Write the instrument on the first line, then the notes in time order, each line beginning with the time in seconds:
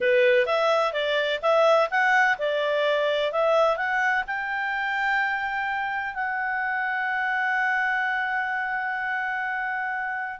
clarinet
0.00 B4
0.46 E5
0.92 D5
1.42 E5
1.90 F#5
2.38 D5
3.32 E5
3.76 F#5
4.26 G5
6.14 F#5